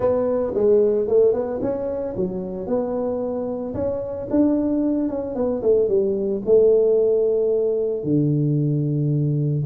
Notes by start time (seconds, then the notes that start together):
0.00 B3
0.54 G#3
1.07 A3
1.33 B3
1.61 C#4
2.16 F#3
2.66 B3
3.74 C#4
4.30 D4
5.08 C#4
5.35 B3
5.62 A3
5.88 G3
6.45 A3
8.03 D3